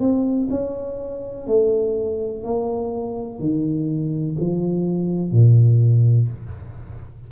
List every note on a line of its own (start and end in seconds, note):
0.00 0.48 C4
0.51 1.47 C#4
1.47 2.44 A3
2.44 3.40 A#3
3.40 4.36 D#3
4.40 5.32 F3
5.32 6.29 A#2